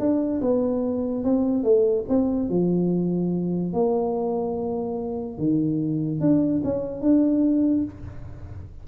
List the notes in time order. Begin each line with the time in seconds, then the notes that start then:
0.00 D4
0.42 B3
1.24 C4
1.64 A3
2.09 C4
2.50 F3
3.74 A#3
5.38 D#3
6.21 D4
6.65 C#4
7.02 D4